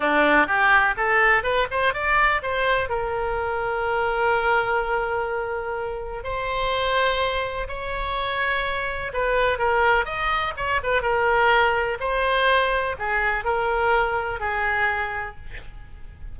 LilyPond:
\new Staff \with { instrumentName = "oboe" } { \time 4/4 \tempo 4 = 125 d'4 g'4 a'4 b'8 c''8 | d''4 c''4 ais'2~ | ais'1~ | ais'4 c''2. |
cis''2. b'4 | ais'4 dis''4 cis''8 b'8 ais'4~ | ais'4 c''2 gis'4 | ais'2 gis'2 | }